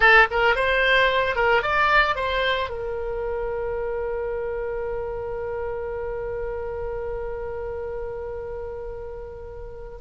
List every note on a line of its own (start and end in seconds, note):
0.00 0.27 A4
0.30 0.55 A#4
0.55 1.35 C5
1.35 1.62 A#4
1.62 2.15 D5
2.15 2.69 C5
2.69 9.99 A#4